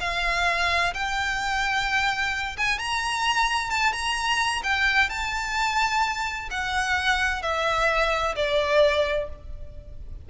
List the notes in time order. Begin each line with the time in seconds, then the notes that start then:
0.00 F5
0.94 G5
2.57 G#5
2.78 A#5
3.70 A5
3.92 A#5
4.63 G5
5.09 A5
6.51 F#5
7.42 E5
8.36 D5